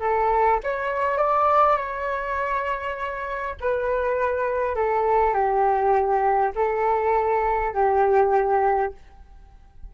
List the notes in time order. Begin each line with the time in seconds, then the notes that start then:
0.00 A4
0.63 C#5
1.17 D5
1.77 C#5
3.60 B4
4.75 A4
5.34 G4
6.55 A4
7.74 G4